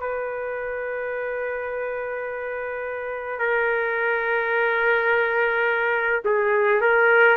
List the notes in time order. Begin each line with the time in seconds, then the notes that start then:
0.00 B4
3.40 A#4
6.25 G#4
6.81 A#4